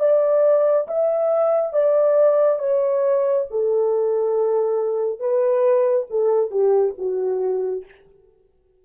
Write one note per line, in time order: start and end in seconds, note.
0.00 0.87 D5
0.88 1.73 E5
1.73 2.59 D5
2.59 3.46 C#5
3.51 5.20 A4
5.20 6.07 B4
6.10 6.51 A4
6.51 6.95 G4
6.98 7.85 F#4